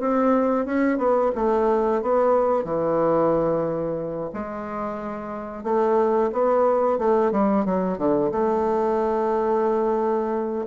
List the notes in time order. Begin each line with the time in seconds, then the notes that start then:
0.00 C4
0.66 C#4
0.98 B3
1.35 A3
2.02 B3
2.64 E3
4.34 G#3
5.64 A3
6.32 B3
6.98 A3
7.32 G3
7.65 F#3
7.98 D3
8.32 A3